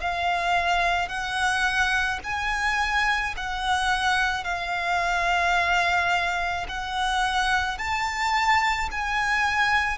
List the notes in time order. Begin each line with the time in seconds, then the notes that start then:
0.00 F5
1.08 F#5
2.23 G#5
3.36 F#5
4.44 F5
6.68 F#5
7.78 A5
8.91 G#5